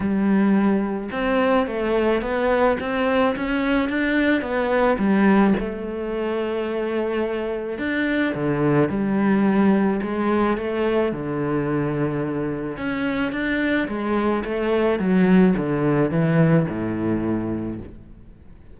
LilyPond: \new Staff \with { instrumentName = "cello" } { \time 4/4 \tempo 4 = 108 g2 c'4 a4 | b4 c'4 cis'4 d'4 | b4 g4 a2~ | a2 d'4 d4 |
g2 gis4 a4 | d2. cis'4 | d'4 gis4 a4 fis4 | d4 e4 a,2 | }